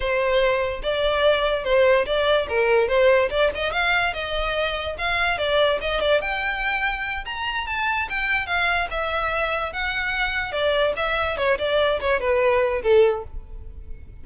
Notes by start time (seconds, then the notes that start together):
0.00 C5
0.82 D5
1.64 C5
2.06 D5
2.48 A#4
2.87 C5
3.30 D5
3.54 D#5
3.72 F5
4.13 D#5
4.98 F5
5.38 D5
5.80 D#5
6.00 D5
6.21 G5
7.25 A#5
7.67 A5
8.09 G5
8.46 F5
8.90 E5
9.72 F#5
10.52 D5
10.96 E5
11.37 C#5
11.58 D5
12.00 C#5
12.20 B4
12.82 A4